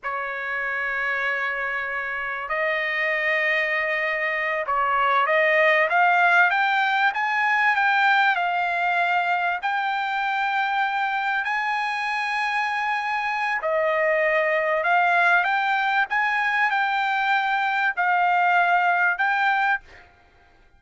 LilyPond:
\new Staff \with { instrumentName = "trumpet" } { \time 4/4 \tempo 4 = 97 cis''1 | dis''2.~ dis''8 cis''8~ | cis''8 dis''4 f''4 g''4 gis''8~ | gis''8 g''4 f''2 g''8~ |
g''2~ g''8 gis''4.~ | gis''2 dis''2 | f''4 g''4 gis''4 g''4~ | g''4 f''2 g''4 | }